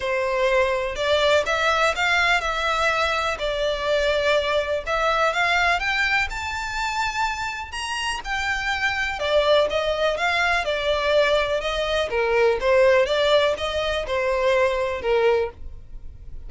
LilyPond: \new Staff \with { instrumentName = "violin" } { \time 4/4 \tempo 4 = 124 c''2 d''4 e''4 | f''4 e''2 d''4~ | d''2 e''4 f''4 | g''4 a''2. |
ais''4 g''2 d''4 | dis''4 f''4 d''2 | dis''4 ais'4 c''4 d''4 | dis''4 c''2 ais'4 | }